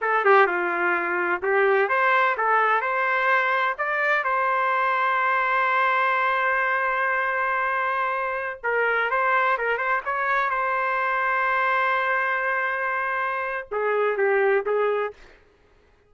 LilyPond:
\new Staff \with { instrumentName = "trumpet" } { \time 4/4 \tempo 4 = 127 a'8 g'8 f'2 g'4 | c''4 a'4 c''2 | d''4 c''2.~ | c''1~ |
c''2~ c''16 ais'4 c''8.~ | c''16 ais'8 c''8 cis''4 c''4.~ c''16~ | c''1~ | c''4 gis'4 g'4 gis'4 | }